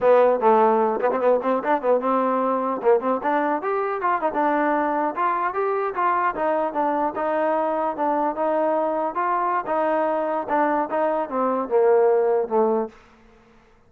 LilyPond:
\new Staff \with { instrumentName = "trombone" } { \time 4/4 \tempo 4 = 149 b4 a4. b16 c'16 b8 c'8 | d'8 b8 c'2 ais8 c'8 | d'4 g'4 f'8 dis'16 d'4~ d'16~ | d'8. f'4 g'4 f'4 dis'16~ |
dis'8. d'4 dis'2 d'16~ | d'8. dis'2 f'4~ f'16 | dis'2 d'4 dis'4 | c'4 ais2 a4 | }